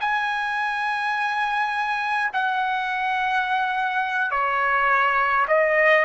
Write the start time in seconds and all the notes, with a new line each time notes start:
0.00 G#5
2.33 F#5
4.31 C#5
5.48 D#5